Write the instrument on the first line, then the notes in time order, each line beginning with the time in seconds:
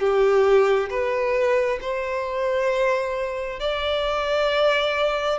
violin
0.00 G4
0.90 B4
1.81 C5
3.60 D5